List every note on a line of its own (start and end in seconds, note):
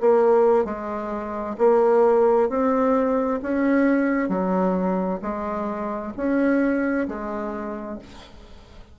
0.00 0.65 A#3
0.65 1.56 G#3
1.58 2.49 A#3
2.49 3.40 C4
3.43 4.29 C#4
4.29 5.20 F#3
5.22 6.13 G#3
6.17 7.07 C#4
7.08 7.99 G#3